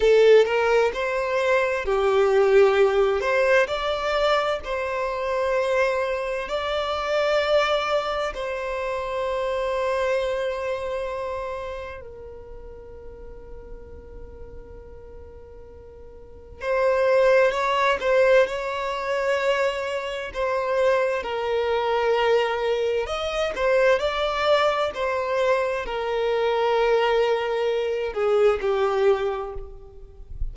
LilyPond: \new Staff \with { instrumentName = "violin" } { \time 4/4 \tempo 4 = 65 a'8 ais'8 c''4 g'4. c''8 | d''4 c''2 d''4~ | d''4 c''2.~ | c''4 ais'2.~ |
ais'2 c''4 cis''8 c''8 | cis''2 c''4 ais'4~ | ais'4 dis''8 c''8 d''4 c''4 | ais'2~ ais'8 gis'8 g'4 | }